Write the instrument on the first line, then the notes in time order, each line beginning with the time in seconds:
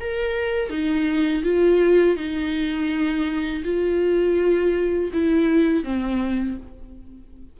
viola
0.00 A#4
0.70 D#4
1.43 F4
2.16 D#4
3.64 F4
5.13 E4
5.84 C4